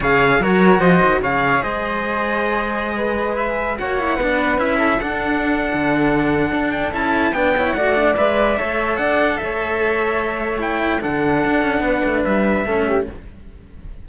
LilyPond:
<<
  \new Staff \with { instrumentName = "trumpet" } { \time 4/4 \tempo 4 = 147 f''4 cis''4 dis''4 f''4 | dis''1~ | dis''16 e''4 fis''2 e''8.~ | e''16 fis''2.~ fis''8.~ |
fis''8 g''8 a''4 g''4 fis''4 | e''2 fis''4 e''4~ | e''2 g''4 fis''4~ | fis''2 e''2 | }
  \new Staff \with { instrumentName = "flute" } { \time 4/4 cis''4 ais'4 c''4 cis''4 | c''2.~ c''16 b'8.~ | b'4~ b'16 cis''4 b'4. a'16~ | a'1~ |
a'2 b'8 cis''8 d''4~ | d''4 cis''4 d''4 cis''4~ | cis''2. a'4~ | a'4 b'2 a'8 g'8 | }
  \new Staff \with { instrumentName = "cello" } { \time 4/4 gis'4 fis'2 gis'4~ | gis'1~ | gis'4~ gis'16 fis'8 e'8 d'4 e'8.~ | e'16 d'2.~ d'8.~ |
d'4 e'4 d'8 e'8 fis'8 d'8 | b'4 a'2.~ | a'2 e'4 d'4~ | d'2. cis'4 | }
  \new Staff \with { instrumentName = "cello" } { \time 4/4 cis4 fis4 f8 dis8 cis4 | gis1~ | gis4~ gis16 ais4 b4 cis'8.~ | cis'16 d'4.~ d'16 d2 |
d'4 cis'4 b4 a4 | gis4 a4 d'4 a4~ | a2. d4 | d'8 cis'8 b8 a8 g4 a4 | }
>>